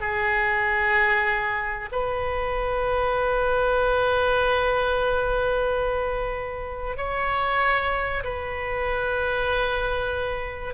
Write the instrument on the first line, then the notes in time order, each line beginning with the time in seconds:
oboe
0.00 G#4
1.91 B4
6.97 C#5
8.24 B4